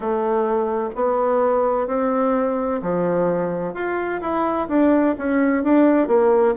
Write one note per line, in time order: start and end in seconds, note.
0.00 0.89 A3
0.95 1.87 B3
1.87 2.81 C4
2.81 3.73 F3
3.73 4.20 F4
4.21 4.68 E4
4.68 5.15 D4
5.18 5.63 C#4
5.63 6.07 D4
6.07 6.54 A#3